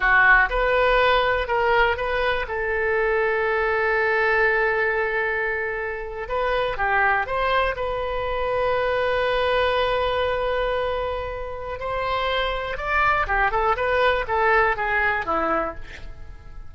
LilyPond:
\new Staff \with { instrumentName = "oboe" } { \time 4/4 \tempo 4 = 122 fis'4 b'2 ais'4 | b'4 a'2.~ | a'1~ | a'8. b'4 g'4 c''4 b'16~ |
b'1~ | b'1 | c''2 d''4 g'8 a'8 | b'4 a'4 gis'4 e'4 | }